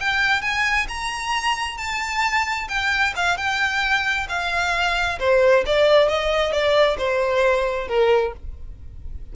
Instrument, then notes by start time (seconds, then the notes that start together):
violin
0.00 G5
0.42 G#5
0.89 A#5
1.78 A5
2.68 G5
3.16 F5
3.37 G5
4.29 F5
5.19 C5
5.66 D5
6.08 D#5
6.52 D5
6.98 C5
7.88 A#4